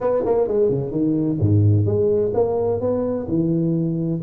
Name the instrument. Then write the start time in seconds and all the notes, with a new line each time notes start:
tuba
0.00 B3
0.25 A#3
0.47 G#3
0.68 C#3
0.91 D#3
1.40 G#2
1.86 G#3
2.33 A#3
2.80 B3
3.27 E3